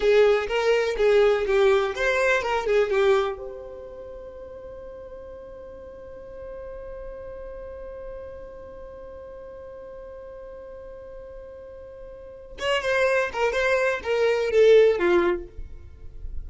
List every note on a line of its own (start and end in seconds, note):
0.00 0.47 G#4
0.47 0.96 A#4
0.97 1.45 G#4
1.46 1.95 G4
1.95 2.42 C5
2.42 2.66 A#4
2.66 2.90 G#4
2.90 3.37 G4
3.37 12.57 C5
12.59 12.82 C#5
12.82 13.30 C5
13.33 13.52 A#4
13.52 14.00 C5
14.03 14.50 A#4
14.50 14.99 A4
14.99 15.47 F4